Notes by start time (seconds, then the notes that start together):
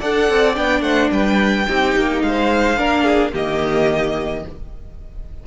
0.00 D4 A4 D5 F#5
0.29 C4
0.55 B3 D4 G5
0.81 A3 C5 F#5
1.11 G3 B4 G5
1.68 C4 D#4 G4
1.96 A#3
2.22 G#3 F5
2.28 C5
2.77 A#3 D4 A#4
3.04 G#4
3.33 D#3 A#3 G4 D#5